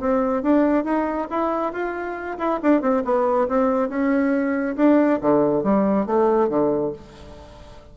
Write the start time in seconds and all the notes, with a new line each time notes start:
0.00 C4
0.43 D4
0.85 D#4
1.30 E4
1.73 F4
2.39 E4
2.63 D4
2.82 C4
3.05 B3
3.48 C4
3.89 C#4
4.76 D4
5.22 D3
5.64 G3
6.06 A3
6.49 D3